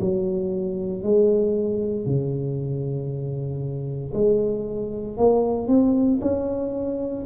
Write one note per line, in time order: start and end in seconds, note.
0.00 1.03 F#3
1.03 2.05 G#3
2.05 4.12 C#3
4.13 5.17 G#3
5.17 5.68 A#3
5.68 6.19 C4
6.21 7.25 C#4